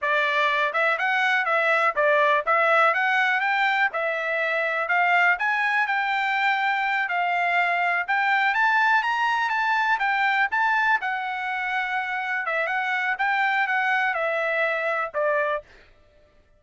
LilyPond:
\new Staff \with { instrumentName = "trumpet" } { \time 4/4 \tempo 4 = 123 d''4. e''8 fis''4 e''4 | d''4 e''4 fis''4 g''4 | e''2 f''4 gis''4 | g''2~ g''8 f''4.~ |
f''8 g''4 a''4 ais''4 a''8~ | a''8 g''4 a''4 fis''4.~ | fis''4. e''8 fis''4 g''4 | fis''4 e''2 d''4 | }